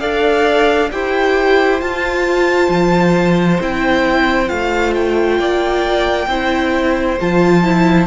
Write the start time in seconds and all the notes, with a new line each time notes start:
0.00 D4 A4 D5 F5
0.92 E4 G4 C5 G5
1.80 F4 A5
2.69 F3
3.60 C4 E4 G5
4.48 A3 F4 F5
4.94 G5
5.38 A#3 D5
6.27 C4 E4 C5
7.21 F3 F4 A5
7.63 E4